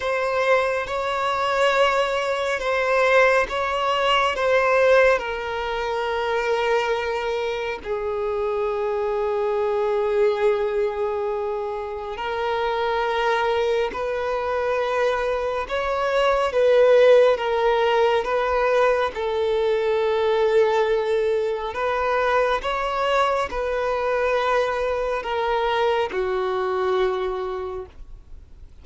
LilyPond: \new Staff \with { instrumentName = "violin" } { \time 4/4 \tempo 4 = 69 c''4 cis''2 c''4 | cis''4 c''4 ais'2~ | ais'4 gis'2.~ | gis'2 ais'2 |
b'2 cis''4 b'4 | ais'4 b'4 a'2~ | a'4 b'4 cis''4 b'4~ | b'4 ais'4 fis'2 | }